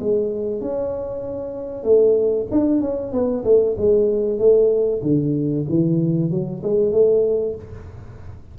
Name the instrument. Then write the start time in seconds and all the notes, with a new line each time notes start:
tuba
0.00 G#3
0.61 C#4
1.84 A3
2.51 D4
2.81 C#4
3.13 B3
3.44 A3
3.78 G#3
4.39 A3
5.02 D3
5.69 E3
6.31 F#3
6.63 G#3
6.92 A3